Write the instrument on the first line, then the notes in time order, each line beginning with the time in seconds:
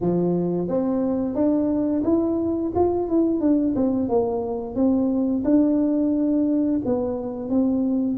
tuba
0.00 F3
0.68 C4
1.35 D4
2.04 E4
2.75 F4
3.08 E4
3.40 D4
3.75 C4
4.08 A#3
4.75 C4
5.44 D4
6.85 B3
7.49 C4